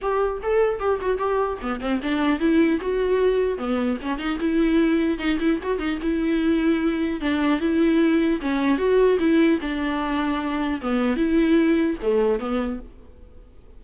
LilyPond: \new Staff \with { instrumentName = "viola" } { \time 4/4 \tempo 4 = 150 g'4 a'4 g'8 fis'8 g'4 | b8 c'8 d'4 e'4 fis'4~ | fis'4 b4 cis'8 dis'8 e'4~ | e'4 dis'8 e'8 fis'8 dis'8 e'4~ |
e'2 d'4 e'4~ | e'4 cis'4 fis'4 e'4 | d'2. b4 | e'2 a4 b4 | }